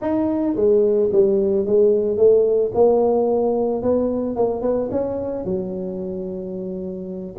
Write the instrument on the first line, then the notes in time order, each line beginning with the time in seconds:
tuba
0.01 D#4
0.55 G#3
1.12 G3
1.66 G#3
2.17 A3
2.74 A#3
3.82 B3
4.36 A#3
4.61 B3
4.91 C#4
5.44 F#3